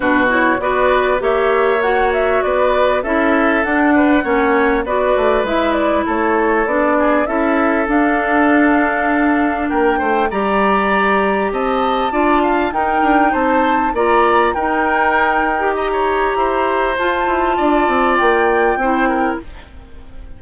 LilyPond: <<
  \new Staff \with { instrumentName = "flute" } { \time 4/4 \tempo 4 = 99 b'8 cis''8 d''4 e''4 fis''8 e''8 | d''4 e''4 fis''2 | d''4 e''8 d''8 cis''4 d''4 | e''4 f''2. |
g''4 ais''2 a''4~ | a''4 g''4 a''4 ais''4 | g''2 ais''2 | a''2 g''2 | }
  \new Staff \with { instrumentName = "oboe" } { \time 4/4 fis'4 b'4 cis''2 | b'4 a'4. b'8 cis''4 | b'2 a'4. gis'8 | a'1 |
ais'8 c''8 d''2 dis''4 | d''8 f''8 ais'4 c''4 d''4 | ais'2 dis''16 cis''8. c''4~ | c''4 d''2 c''8 ais'8 | }
  \new Staff \with { instrumentName = "clarinet" } { \time 4/4 d'8 e'8 fis'4 g'4 fis'4~ | fis'4 e'4 d'4 cis'4 | fis'4 e'2 d'4 | e'4 d'2.~ |
d'4 g'2. | f'4 dis'2 f'4 | dis'4.~ dis'16 g'2~ g'16 | f'2. e'4 | }
  \new Staff \with { instrumentName = "bassoon" } { \time 4/4 b,4 b4 ais2 | b4 cis'4 d'4 ais4 | b8 a8 gis4 a4 b4 | cis'4 d'2. |
ais8 a8 g2 c'4 | d'4 dis'8 d'8 c'4 ais4 | dis'2. e'4 | f'8 e'8 d'8 c'8 ais4 c'4 | }
>>